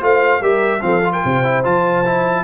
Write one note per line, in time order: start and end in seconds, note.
0.00 0.40 A3
0.00 0.41 F4
0.00 0.40 C5
0.00 0.42 F5
0.40 0.81 G3
0.40 0.80 G4
0.40 0.81 A#4
0.40 0.82 E5
0.80 1.23 F3
0.80 1.01 C4
0.80 1.13 A4
0.80 1.12 F5
1.04 1.43 F4
1.13 1.23 A#4
1.13 1.64 G5
1.24 1.65 C3
1.24 2.43 C5
1.43 1.63 E4
1.63 2.43 F3
1.63 2.04 F4
1.63 2.43 A5
2.05 2.43 E4